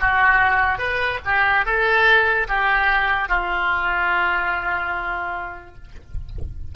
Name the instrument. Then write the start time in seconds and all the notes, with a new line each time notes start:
oboe
0.00 F#4
0.78 B4
1.25 G4
1.65 A4
2.48 G4
3.28 F4